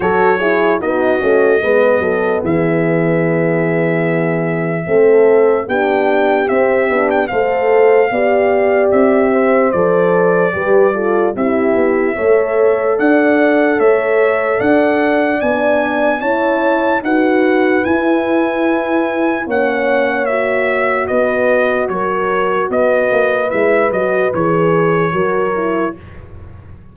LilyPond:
<<
  \new Staff \with { instrumentName = "trumpet" } { \time 4/4 \tempo 4 = 74 cis''4 dis''2 e''4~ | e''2. g''4 | e''8. g''16 f''2 e''4 | d''2 e''2 |
fis''4 e''4 fis''4 gis''4 | a''4 fis''4 gis''2 | fis''4 e''4 dis''4 cis''4 | dis''4 e''8 dis''8 cis''2 | }
  \new Staff \with { instrumentName = "horn" } { \time 4/4 a'8 gis'8 fis'4 b'8 a'8 gis'4~ | gis'2 a'4 g'4~ | g'4 c''4 d''4. c''8~ | c''4 b'8 a'8 g'4 cis''4 |
d''4 cis''4 d''2 | cis''4 b'2. | cis''2 b'4 ais'4 | b'2. ais'4 | }
  \new Staff \with { instrumentName = "horn" } { \time 4/4 fis'8 e'8 dis'8 cis'8 b2~ | b2 c'4 d'4 | c'8 d'8 a'4 g'2 | a'4 g'8 f'8 e'4 a'4~ |
a'2. d'4 | e'4 fis'4 e'2 | cis'4 fis'2.~ | fis'4 e'8 fis'8 gis'4 fis'8 e'8 | }
  \new Staff \with { instrumentName = "tuba" } { \time 4/4 fis4 b8 a8 gis8 fis8 e4~ | e2 a4 b4 | c'8 b8 a4 b4 c'4 | f4 g4 c'8 b8 a4 |
d'4 a4 d'4 b4 | cis'4 dis'4 e'2 | ais2 b4 fis4 | b8 ais8 gis8 fis8 e4 fis4 | }
>>